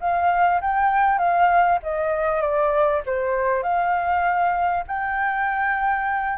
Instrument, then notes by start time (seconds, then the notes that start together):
flute
0.00 F5
0.61 G5
1.18 F5
1.82 D#5
2.40 D5
3.06 C5
3.63 F5
4.87 G5